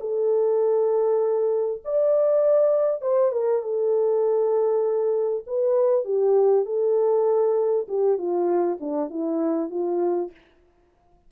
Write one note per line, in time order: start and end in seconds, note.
0.00 1.82 A4
1.85 3.01 D5
3.01 3.32 C5
3.32 3.62 A#4
3.62 5.44 A4
5.46 6.04 B4
6.04 6.65 G4
6.65 7.87 A4
7.88 8.18 G4
8.18 8.78 F4
8.80 9.10 D4
9.10 9.70 E4
9.70 10.31 F4